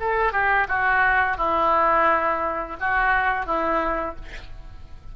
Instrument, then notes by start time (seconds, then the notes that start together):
oboe
0.00 A4
0.32 G4
0.68 F#4
1.37 E4
2.80 F#4
3.46 E4